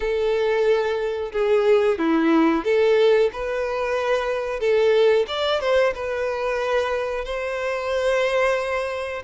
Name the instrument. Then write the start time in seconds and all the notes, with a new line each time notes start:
violin
0.00 A4
1.32 G#4
1.98 E4
2.64 A4
3.32 B4
4.59 A4
5.27 D5
5.60 C5
5.95 B4
7.24 C5